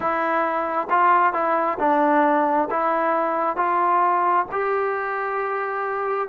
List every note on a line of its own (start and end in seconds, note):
0.00 0.88 E4
0.90 1.33 F4
1.33 1.77 E4
1.79 2.68 D4
2.70 3.56 E4
3.56 4.46 F4
4.51 6.28 G4